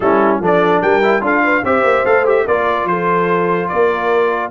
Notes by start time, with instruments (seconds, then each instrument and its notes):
0.00 tuba G3, trombone C#4, horn E4, trumpet A4
0.39 tuba F3, trombone D4, horn A4, trumpet D5
0.81 tuba G3, horn A#4, trumpet G5
1.02 trombone E4
1.20 tuba D4, trombone F4, horn A4, trumpet F5
1.44 horn B4
1.63 tuba C4, trombone G4, horn C5, trumpet E5
1.83 tuba A#3
2.05 tuba A3, trombone A4, trumpet F5
2.25 trombone G4, trumpet E5
2.45 tuba A#3, trombone F4, horn A#4, trumpet D5
2.84 tuba F3, horn A4, trumpet C5
3.68 tuba A#3, horn A#4, trumpet D5